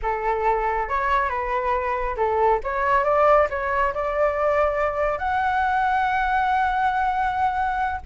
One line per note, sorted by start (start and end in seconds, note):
0.02 0.89 A4
0.89 1.29 C#5
1.29 2.16 B4
2.16 2.60 A4
2.63 3.04 C#5
3.04 3.47 D5
3.50 3.93 C#5
3.94 5.18 D5
5.18 8.00 F#5